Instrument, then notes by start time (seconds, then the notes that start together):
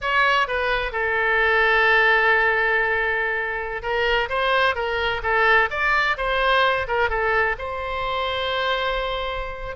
oboe
0.01 C#5
0.47 B4
0.92 A4
3.82 A#4
4.29 C5
4.75 A#4
5.22 A4
5.70 D5
6.17 C5
6.87 A#4
7.09 A4
7.58 C5